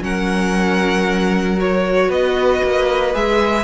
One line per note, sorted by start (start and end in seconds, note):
0.00 2.09 F#3
0.00 1.57 C#4
0.00 2.08 A#4
0.00 1.60 F#5
1.57 3.13 F#4
1.57 2.11 C#5
2.08 2.61 B3
2.08 3.64 B4
2.08 3.15 D#5
2.64 3.14 A#3
3.13 3.64 G#3
3.13 3.64 G#4
3.13 3.64 E5